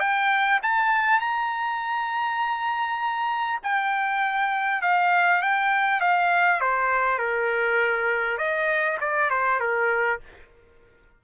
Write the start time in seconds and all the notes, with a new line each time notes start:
0.00 G5
0.63 A5
1.20 A#5
3.63 G5
4.82 F5
5.42 G5
6.01 F5
6.61 C5
7.19 A#4
8.38 D#5
9.01 D5
9.31 C5
9.60 A#4